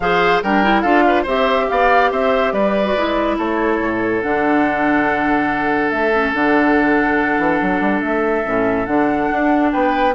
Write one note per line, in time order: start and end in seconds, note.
0.00 0.42 F3
0.00 0.43 G#4
0.00 0.43 C5
0.00 0.42 F5
0.42 0.84 G3
0.42 0.63 D4
0.42 0.82 A#4
0.42 0.81 G5
0.63 0.84 E4
0.81 1.26 D4
0.81 1.26 F4
0.81 1.03 A4
0.81 1.23 F5
1.07 1.22 B4
1.22 1.68 C4
1.22 2.84 G4
1.22 1.65 C5
1.22 1.69 E5
1.69 2.11 B3
1.69 2.11 D5
1.69 2.11 F5
2.11 2.52 C4
2.11 2.53 C5
2.11 2.52 E5
2.52 2.94 G3
2.52 3.37 B4
2.52 3.37 D5
2.84 2.95 F#4
2.95 3.37 G#3
2.95 4.21 E4
3.37 3.79 A3
3.37 9.71 A4
3.37 4.21 C#5
3.79 4.21 A2
4.21 5.91 D3
4.21 6.12 D4
4.21 5.90 F#5
5.90 6.33 A3
5.90 6.32 E5
6.13 6.33 C#4
6.33 7.38 D3
6.33 8.44 D4
6.33 8.01 F#5
7.38 7.59 E3
7.61 7.80 F#3
7.80 8.01 G3
8.01 8.43 A3
8.01 8.85 E5
8.44 8.87 A2
8.44 8.86 C#4
8.85 9.29 D3
8.85 10.13 D4
8.85 9.70 F#5
9.31 9.73 D4
9.72 10.15 B3
9.72 10.15 B4
9.72 10.14 G5